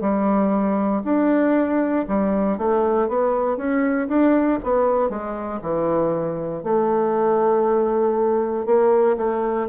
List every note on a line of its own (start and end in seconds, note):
0.00 1.02 G3
1.04 2.06 D4
2.08 2.57 G3
2.57 3.08 A3
3.08 3.56 B3
3.56 4.07 C#4
4.08 4.59 D4
4.63 5.09 B3
5.09 5.60 G#3
5.61 6.63 E3
6.63 8.65 A3
8.65 9.16 A#3
9.17 9.67 A3